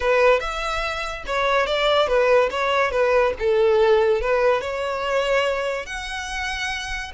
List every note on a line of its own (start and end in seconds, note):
0.00 0.39 B4
0.39 1.23 E5
1.26 1.66 C#5
1.66 2.07 D5
2.07 2.49 B4
2.50 2.91 C#5
2.91 3.33 B4
3.39 4.21 A4
4.21 4.61 B4
4.61 5.86 C#5
5.86 7.12 F#5